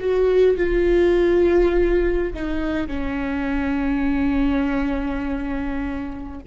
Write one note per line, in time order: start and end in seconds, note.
0.00 0.57 F#4
0.57 2.33 F4
2.34 2.87 D#4
2.87 6.40 C#4